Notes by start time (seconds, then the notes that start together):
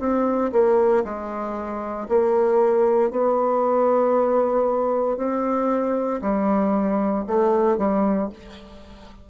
0.00 C4
0.52 A#3
1.04 G#3
2.09 A#3
3.11 B3
5.17 C4
6.22 G3
7.27 A3
7.78 G3